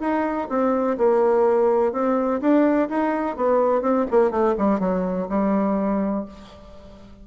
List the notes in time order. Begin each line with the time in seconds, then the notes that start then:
0.00 D#4
0.49 C4
0.98 A#3
1.92 C4
2.41 D4
2.89 D#4
3.36 B3
3.82 C4
4.11 A#3
4.31 A3
4.58 G3
4.80 F#3
5.29 G3